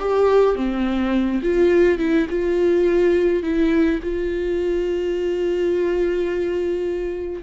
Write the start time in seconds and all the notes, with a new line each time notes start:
0.00 G4
0.56 C4
1.43 F4
1.99 E4
2.30 F4
3.43 E4
4.03 F4